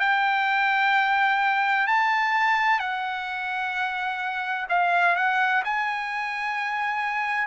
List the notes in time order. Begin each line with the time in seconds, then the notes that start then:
0.00 G5
1.87 A5
2.80 F#5
4.69 F5
5.16 F#5
5.65 G#5